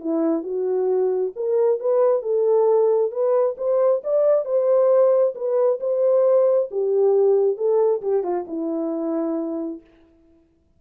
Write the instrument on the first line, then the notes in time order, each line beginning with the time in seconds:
horn
0.00 E4
0.43 F#4
1.35 A#4
1.80 B4
2.22 A4
3.11 B4
3.57 C5
4.03 D5
4.45 C5
5.35 B4
5.80 C5
6.71 G4
7.56 A4
8.01 G4
8.23 F4
8.47 E4